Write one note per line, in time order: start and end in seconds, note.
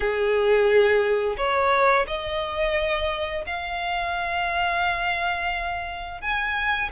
0.00 1.36 G#4
1.37 2.06 C#5
2.07 3.45 D#5
3.46 6.21 F5
6.21 6.90 G#5